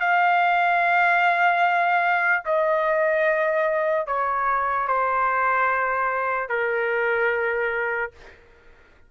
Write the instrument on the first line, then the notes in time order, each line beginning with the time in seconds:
trumpet
0.00 F5
2.45 D#5
4.07 C#5
4.87 C5
6.49 A#4